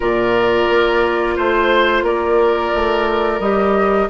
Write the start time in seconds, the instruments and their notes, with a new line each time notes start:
0.00 bassoon A#2, clarinet F4, oboe A#4, flute D5
0.69 bassoon A#3
1.36 bassoon A3, oboe C5, flute C5
2.02 bassoon A#3, oboe A#4, flute D5
2.74 bassoon A3
3.39 bassoon G3, clarinet G4, flute D#5